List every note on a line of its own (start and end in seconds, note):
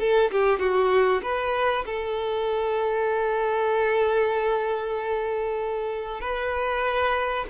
0.00 0.31 A4
0.32 0.59 G4
0.59 1.22 F#4
1.23 1.85 B4
1.86 6.21 A4
6.21 7.46 B4